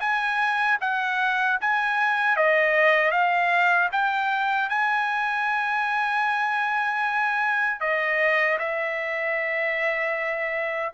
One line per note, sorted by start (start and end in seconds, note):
0.00 0.78 G#5
0.81 1.59 F#5
1.61 2.36 G#5
2.36 3.11 D#5
3.11 3.89 F5
3.92 4.69 G5
4.69 7.80 G#5
7.80 8.58 D#5
8.59 10.92 E5